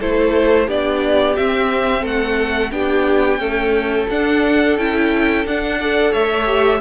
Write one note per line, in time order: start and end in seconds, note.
0.00 0.68 A3
0.00 0.69 E4
0.00 0.67 A4
0.00 0.70 C5
0.67 1.37 B3
0.67 1.37 D4
0.67 2.02 G4
0.67 1.37 D5
1.37 2.72 C4
1.37 2.05 C4
1.37 2.05 E5
2.02 2.72 A3
2.02 2.70 A4
2.02 2.72 F#5
2.72 3.39 B3
2.72 3.40 D4
2.72 3.41 G4
2.72 4.08 G5
3.39 4.09 A3
3.39 4.07 C#4
3.39 5.79 A4
4.11 4.78 D4
4.11 4.79 D4
4.11 4.78 F#5
4.78 5.45 C#4
4.78 5.47 E4
4.78 5.46 G5
5.45 6.14 D4
5.45 5.82 D4
5.45 6.14 F#5
5.80 6.45 A4
5.80 6.12 D5
6.12 6.81 A3
6.12 6.80 C#5
6.12 6.81 E5
6.45 6.80 G4